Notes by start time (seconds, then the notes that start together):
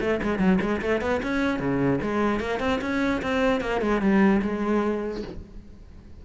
0.00 A3
0.22 G#3
0.38 F#3
0.61 G#3
0.81 A3
1.01 B3
1.22 C#4
1.59 C#3
2.01 G#3
2.40 A#3
2.59 C4
2.81 C#4
3.22 C4
3.61 A#3
3.81 G#3
4.01 G3
4.42 G#3